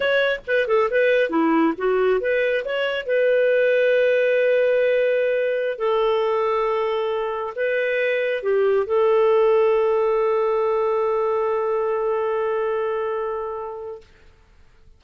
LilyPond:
\new Staff \with { instrumentName = "clarinet" } { \time 4/4 \tempo 4 = 137 cis''4 b'8 a'8 b'4 e'4 | fis'4 b'4 cis''4 b'4~ | b'1~ | b'4~ b'16 a'2~ a'8.~ |
a'4~ a'16 b'2 g'8.~ | g'16 a'2.~ a'8.~ | a'1~ | a'1 | }